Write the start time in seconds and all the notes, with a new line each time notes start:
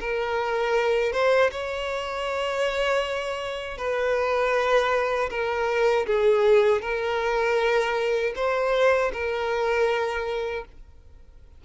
0.00 A#4
1.13 C5
1.51 C#5
3.78 B4
5.30 A#4
6.07 G#4
6.82 A#4
8.36 C5
9.13 A#4